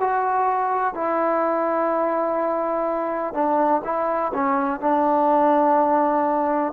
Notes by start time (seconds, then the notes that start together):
0.00 F#4
0.95 E4
3.34 D4
3.84 E4
4.34 C#4
4.81 D4